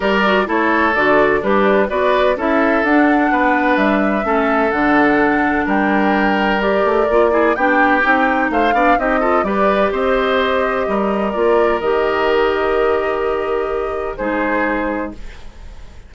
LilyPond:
<<
  \new Staff \with { instrumentName = "flute" } { \time 4/4 \tempo 4 = 127 d''4 cis''4 d''4 b'4 | d''4 e''4 fis''2 | e''2 fis''2 | g''2 d''2 |
g''2 f''4 dis''4 | d''4 dis''2. | d''4 dis''2.~ | dis''2 c''2 | }
  \new Staff \with { instrumentName = "oboe" } { \time 4/4 ais'4 a'2 d'4 | b'4 a'2 b'4~ | b'4 a'2. | ais'2.~ ais'8 gis'8 |
g'2 c''8 d''8 g'8 a'8 | b'4 c''2 ais'4~ | ais'1~ | ais'2 gis'2 | }
  \new Staff \with { instrumentName = "clarinet" } { \time 4/4 g'8 fis'8 e'4 fis'4 g'4 | fis'4 e'4 d'2~ | d'4 cis'4 d'2~ | d'2 g'4 f'8 e'8 |
d'4 dis'4. d'8 dis'8 f'8 | g'1 | f'4 g'2.~ | g'2 dis'2 | }
  \new Staff \with { instrumentName = "bassoon" } { \time 4/4 g4 a4 d4 g4 | b4 cis'4 d'4 b4 | g4 a4 d2 | g2~ g8 a8 ais4 |
b4 c'4 a8 b8 c'4 | g4 c'2 g4 | ais4 dis2.~ | dis2 gis2 | }
>>